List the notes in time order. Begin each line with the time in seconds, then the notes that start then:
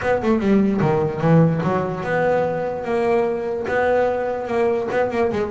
0.01 B3
0.22 A3
0.39 G3
0.81 D#3
1.21 E3
1.63 F#3
2.03 B3
2.84 A#3
3.67 B3
4.47 A#3
4.91 B3
5.10 A#3
5.32 G#3